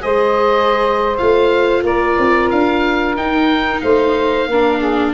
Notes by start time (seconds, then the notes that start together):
0.00 G#3 G#4 C5 D#5
1.17 A3 F4 F5
1.83 A#3 A#4 D5
2.18 C4
2.50 D4 F5
3.16 D#4 G5
3.80 A3 C5 F5
4.47 A#3 D4 A#4
4.78 G#4